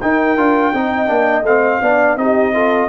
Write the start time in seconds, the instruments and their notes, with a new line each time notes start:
0.00 tuba D#4, trombone D#4, horn A#4, trumpet G5
0.36 tuba D4, trombone F4
0.73 tuba C4, trombone D#4, horn D#5
1.06 tuba A#3, trombone D4
1.42 tuba A3, trombone C4, trumpet F5
1.81 tuba B3, trombone D4, horn D5
2.16 tuba C4, trombone D#4, horn G4, trumpet D#5
2.53 trombone F4, horn A4